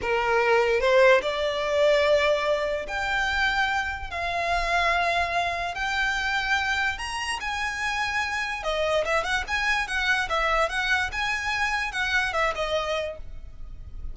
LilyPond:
\new Staff \with { instrumentName = "violin" } { \time 4/4 \tempo 4 = 146 ais'2 c''4 d''4~ | d''2. g''4~ | g''2 f''2~ | f''2 g''2~ |
g''4 ais''4 gis''2~ | gis''4 dis''4 e''8 fis''8 gis''4 | fis''4 e''4 fis''4 gis''4~ | gis''4 fis''4 e''8 dis''4. | }